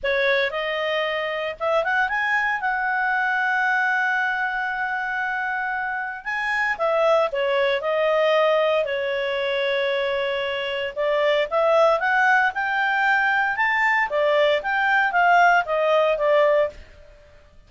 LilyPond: \new Staff \with { instrumentName = "clarinet" } { \time 4/4 \tempo 4 = 115 cis''4 dis''2 e''8 fis''8 | gis''4 fis''2.~ | fis''1 | gis''4 e''4 cis''4 dis''4~ |
dis''4 cis''2.~ | cis''4 d''4 e''4 fis''4 | g''2 a''4 d''4 | g''4 f''4 dis''4 d''4 | }